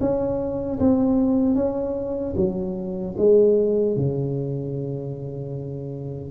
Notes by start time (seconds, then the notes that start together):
0.00 C#4
0.80 C4
1.55 C#4
2.36 F#3
3.18 G#3
3.96 C#3